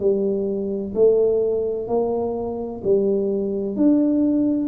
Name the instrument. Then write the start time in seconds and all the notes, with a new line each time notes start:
tuba
0.00 G3
0.95 A3
1.88 A#3
2.84 G3
3.76 D4